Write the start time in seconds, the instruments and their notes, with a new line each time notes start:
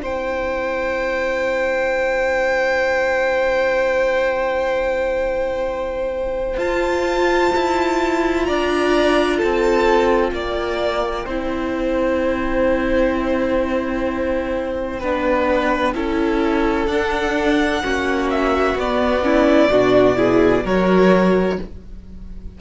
0.00 cello C4, viola E4, violin C5 G5
6.57 cello F4, viola F4, violin A5
7.55 cello E4
8.45 cello D4, violin D5 A#5
9.37 violin A4 A5
9.43 cello C4
10.32 cello A#3, violin D5 G5
11.26 cello C4, viola E4, violin C5
15.00 cello B3, viola D4, violin B4
15.95 cello C#4, viola E4, violin A4
16.87 cello D4, viola D4, violin F#5
17.83 cello A#3, viola C#4, violin F#4
18.30 violin E5
18.75 cello B3, viola B3, violin D5
19.22 viola C#4, violin E4
19.71 cello B2, viola D4, violin F#4
20.16 viola E4, violin G#4
20.64 cello F#3, viola F#4, violin A#4 C#5